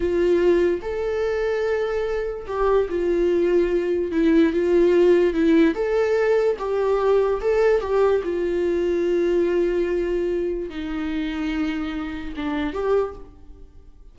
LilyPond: \new Staff \with { instrumentName = "viola" } { \time 4/4 \tempo 4 = 146 f'2 a'2~ | a'2 g'4 f'4~ | f'2 e'4 f'4~ | f'4 e'4 a'2 |
g'2 a'4 g'4 | f'1~ | f'2 dis'2~ | dis'2 d'4 g'4 | }